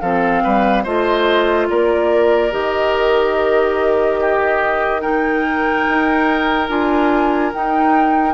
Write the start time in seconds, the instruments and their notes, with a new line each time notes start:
0.00 bassoon F3, clarinet C4, oboe A4, flute F5
0.43 bassoon G3, oboe B4
0.83 bassoon A3, clarinet F4, oboe C5, flute D#5
1.69 bassoon A#3, oboe A#4, flute D5
2.51 bassoon D#3, clarinet G4, flute D#5
4.20 oboe G4
5.01 clarinet D#4, oboe A#4, flute G5
5.88 bassoon D#4
6.68 bassoon D4, clarinet F4, flute G#5
7.53 clarinet D#4, bassoon D#4, flute G5